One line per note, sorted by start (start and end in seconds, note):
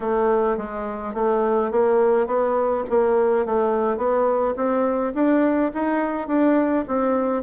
0.00 0.57 A3
0.57 1.14 G#3
1.14 1.71 A3
1.71 2.26 A#3
2.26 2.84 B3
2.89 3.45 A#3
3.45 3.97 A3
3.97 4.54 B3
4.56 5.13 C4
5.14 5.71 D4
5.74 6.27 D#4
6.27 6.84 D4
6.87 7.42 C4